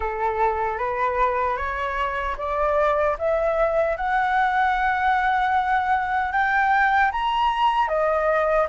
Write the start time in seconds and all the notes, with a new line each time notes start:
0.00 A4
0.78 B4
1.56 C#5
2.37 D5
3.18 E5
3.97 F#5
6.32 G5
7.11 A#5
7.87 D#5